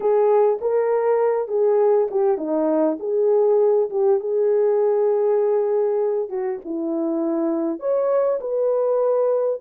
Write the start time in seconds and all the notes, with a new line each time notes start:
0.00 G#4
0.61 A#4
1.48 G#4
2.11 G4
2.37 D#4
2.99 G#4
3.89 G4
4.20 G#4
6.29 F#4
6.64 E4
7.79 C#5
8.40 B4